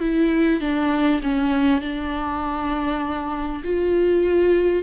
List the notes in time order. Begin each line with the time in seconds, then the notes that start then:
0.00 E4
0.61 D4
1.23 C#4
1.81 D4
3.64 F4